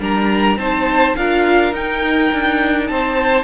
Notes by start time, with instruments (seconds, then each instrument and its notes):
0.00 cello G3, viola D4, violin A#4 A#5
0.57 cello C4, viola D#4, violin C5 A5
1.16 cello D4, viola F4, violin A#4 F5
1.73 cello D#4, viola D#4, violin G5
2.33 cello D4
2.87 cello C4, violin C5 A5